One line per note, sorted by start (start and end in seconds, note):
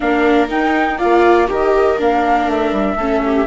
0.00 0.50 A#3
0.00 0.48 D4
0.00 0.98 A#4
0.00 0.47 F5
0.48 0.98 D#4
0.48 1.00 D#4
0.48 0.99 G5
0.98 1.49 A#3
0.98 1.47 F4
0.98 1.47 D5
0.98 1.48 F5
1.47 1.98 D#3
1.47 1.96 G4
1.47 2.97 A#4
1.47 1.99 D#5
1.97 2.47 A#3
1.97 2.96 D4
1.97 2.50 F5
2.47 2.72 A3
2.47 3.46 E5
2.72 2.95 G3
2.95 3.45 A3
2.95 3.46 C#4
2.95 3.22 A4
3.25 3.46 G4